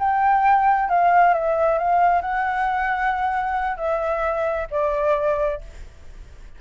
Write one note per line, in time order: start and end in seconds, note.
0.00 0.89 G5
0.89 1.34 F5
1.34 1.79 E5
1.79 2.22 F5
2.22 3.78 F#5
3.78 4.68 E5
4.71 5.61 D5